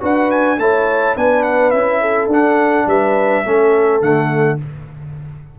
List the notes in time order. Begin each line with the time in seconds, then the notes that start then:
0.00 D4 F#4 B4 F#5
0.30 G#5
0.58 A3 E4 C#5 A5
1.15 B3 D4 B4 G#5
1.42 F#5
1.70 C#4 E4 E5
2.01 A4
2.27 D4 F#5
2.86 G3 B4 E5
3.44 A3 C#4 A4
4.00 D3 A3 F#5